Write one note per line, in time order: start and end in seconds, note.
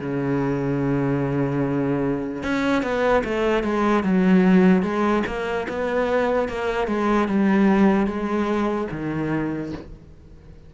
0.00 2.43 C#3
2.43 2.83 C#4
2.83 3.23 B3
3.24 3.63 A3
3.63 4.04 G#3
4.04 4.82 F#3
4.82 5.23 G#3
5.26 5.67 A#3
5.69 6.49 B3
6.49 6.87 A#3
6.87 7.28 G#3
7.28 8.06 G3
8.06 8.87 G#3
8.91 9.72 D#3